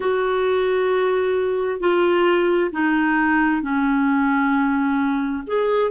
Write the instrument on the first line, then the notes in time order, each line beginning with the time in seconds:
clarinet
0.00 F#4
1.79 F4
2.71 D#4
3.62 C#4
5.46 G#4